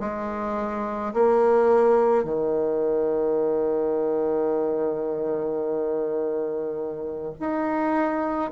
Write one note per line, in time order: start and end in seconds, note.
0.00 1.13 G#3
1.14 2.24 A#3
2.24 7.33 D#3
7.40 8.52 D#4